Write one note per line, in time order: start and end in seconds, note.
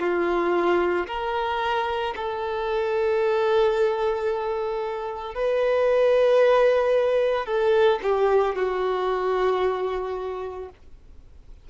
0.00 1.07 F4
1.08 2.15 A#4
2.16 5.35 A4
5.35 7.47 B4
7.47 8.00 A4
8.03 8.56 G4
8.56 10.70 F#4